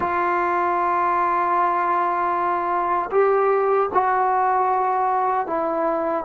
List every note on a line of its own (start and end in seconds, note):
0.00 3.10 F4
3.11 3.89 G4
3.94 5.47 F#4
5.47 6.24 E4